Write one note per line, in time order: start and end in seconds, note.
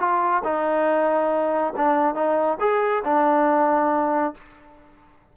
0.00 0.43 F4
0.44 1.74 D#4
1.77 2.15 D4
2.15 2.58 D#4
2.60 3.03 G#4
3.05 4.34 D4